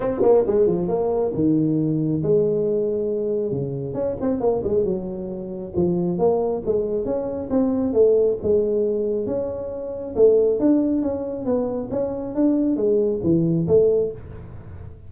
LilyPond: \new Staff \with { instrumentName = "tuba" } { \time 4/4 \tempo 4 = 136 c'8 ais8 gis8 f8 ais4 dis4~ | dis4 gis2. | cis4 cis'8 c'8 ais8 gis8 fis4~ | fis4 f4 ais4 gis4 |
cis'4 c'4 a4 gis4~ | gis4 cis'2 a4 | d'4 cis'4 b4 cis'4 | d'4 gis4 e4 a4 | }